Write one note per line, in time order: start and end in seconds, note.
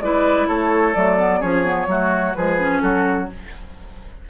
0.00 0.47 G#3
0.00 0.94 E4
0.00 0.47 B4
0.00 0.47 D5
0.47 0.95 A3
0.47 1.39 A4
0.47 0.94 C#5
0.94 1.42 F#3
0.94 1.17 A3
0.94 1.41 D5
1.17 1.41 B3
1.39 1.87 F3
1.39 1.64 C#4
1.39 1.86 G#4
1.39 2.34 C#5
1.64 1.87 B3
1.87 2.33 F#3
1.87 2.35 A3
1.87 2.37 F#4
2.34 2.82 F3
2.34 2.59 G#3
2.34 2.82 G#4
2.34 2.80 B4
2.59 3.29 C#4
2.80 3.29 F#3
2.80 3.29 F#4
2.80 3.27 A4